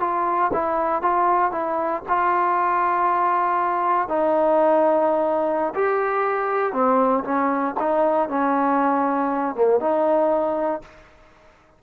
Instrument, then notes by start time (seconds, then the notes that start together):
trombone
0.00 F4
0.53 E4
1.02 F4
1.52 E4
2.08 F4
4.08 D#4
5.75 G4
6.73 C4
7.24 C#4
7.80 D#4
8.29 C#4
9.55 A#3
9.80 D#4